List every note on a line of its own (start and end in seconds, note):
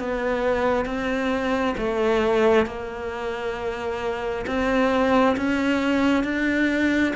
0.00 0.86 B3
0.86 1.75 C4
1.78 2.67 A3
2.67 4.46 A#3
4.47 5.36 C4
5.37 6.24 C#4
6.24 7.14 D4